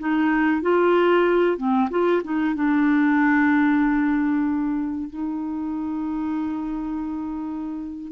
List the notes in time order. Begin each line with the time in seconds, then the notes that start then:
0.00 D#4
0.62 F4
1.58 C4
1.91 F4
2.24 D#4
2.56 D4
5.10 D#4